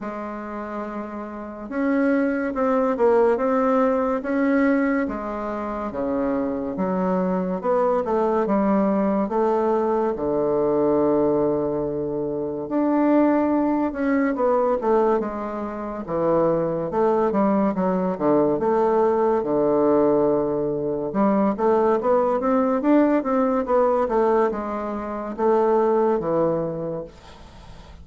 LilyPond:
\new Staff \with { instrumentName = "bassoon" } { \time 4/4 \tempo 4 = 71 gis2 cis'4 c'8 ais8 | c'4 cis'4 gis4 cis4 | fis4 b8 a8 g4 a4 | d2. d'4~ |
d'8 cis'8 b8 a8 gis4 e4 | a8 g8 fis8 d8 a4 d4~ | d4 g8 a8 b8 c'8 d'8 c'8 | b8 a8 gis4 a4 e4 | }